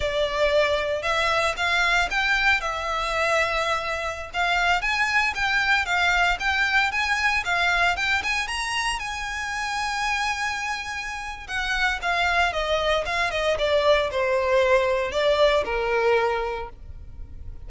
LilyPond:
\new Staff \with { instrumentName = "violin" } { \time 4/4 \tempo 4 = 115 d''2 e''4 f''4 | g''4 e''2.~ | e''16 f''4 gis''4 g''4 f''8.~ | f''16 g''4 gis''4 f''4 g''8 gis''16~ |
gis''16 ais''4 gis''2~ gis''8.~ | gis''2 fis''4 f''4 | dis''4 f''8 dis''8 d''4 c''4~ | c''4 d''4 ais'2 | }